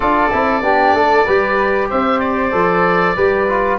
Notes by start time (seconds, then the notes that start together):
0.00 D4 F4 A4 D5
0.32 C4 E4
0.61 B3 D4 G4
0.92 A3 A4
1.24 G3 G4 B4
1.89 C4 C5 E5
2.19 D5
2.51 F3 A4
3.15 G3 G4 B4
3.48 F4